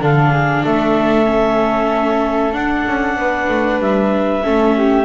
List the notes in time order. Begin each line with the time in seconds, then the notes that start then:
0.00 D3 D4 A4 F5
0.31 G#4
0.63 A3 A4 E5
1.25 C#4
2.52 D4 F#5
2.87 C#4
3.15 B3 B4
3.48 A3
3.78 G3 E5
4.43 A3 C#4 A4
4.76 G4